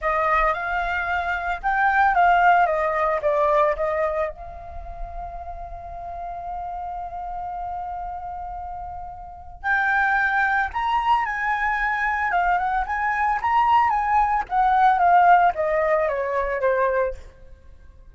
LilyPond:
\new Staff \with { instrumentName = "flute" } { \time 4/4 \tempo 4 = 112 dis''4 f''2 g''4 | f''4 dis''4 d''4 dis''4 | f''1~ | f''1~ |
f''2 g''2 | ais''4 gis''2 f''8 fis''8 | gis''4 ais''4 gis''4 fis''4 | f''4 dis''4 cis''4 c''4 | }